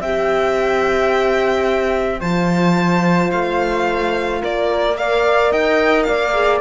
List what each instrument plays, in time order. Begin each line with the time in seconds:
0.00 cello C4, horn G4, flute E5, violin G5
2.20 cello F3, horn F4, flute C5, violin A5
3.31 cello A3, violin F5
4.40 cello A#3, flute A#4, violin D5
4.96 horn A#4, flute D5, violin F5
5.51 cello D#4, flute D#5, violin G5
6.03 flute D5, violin F5
6.09 cello A#3
6.33 horn G#4